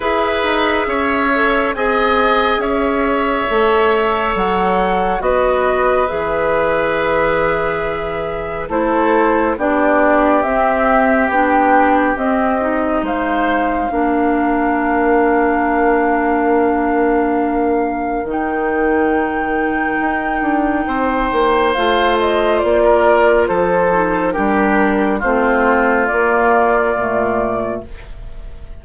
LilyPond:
<<
  \new Staff \with { instrumentName = "flute" } { \time 4/4 \tempo 4 = 69 e''2 gis''4 e''4~ | e''4 fis''4 dis''4 e''4~ | e''2 c''4 d''4 | e''4 g''4 dis''4 f''4~ |
f''1~ | f''4 g''2.~ | g''4 f''8 dis''8 d''4 c''4 | ais'4 c''4 d''2 | }
  \new Staff \with { instrumentName = "oboe" } { \time 4/4 b'4 cis''4 dis''4 cis''4~ | cis''2 b'2~ | b'2 a'4 g'4~ | g'2. c''4 |
ais'1~ | ais'1 | c''2~ c''16 ais'8. a'4 | g'4 f'2. | }
  \new Staff \with { instrumentName = "clarinet" } { \time 4/4 gis'4. a'8 gis'2 | a'2 fis'4 gis'4~ | gis'2 e'4 d'4 | c'4 d'4 c'8 dis'4. |
d'1~ | d'4 dis'2.~ | dis'4 f'2~ f'8 dis'8 | d'4 c'4 ais4 a4 | }
  \new Staff \with { instrumentName = "bassoon" } { \time 4/4 e'8 dis'8 cis'4 c'4 cis'4 | a4 fis4 b4 e4~ | e2 a4 b4 | c'4 b4 c'4 gis4 |
ais1~ | ais4 dis2 dis'8 d'8 | c'8 ais8 a4 ais4 f4 | g4 a4 ais4 ais,4 | }
>>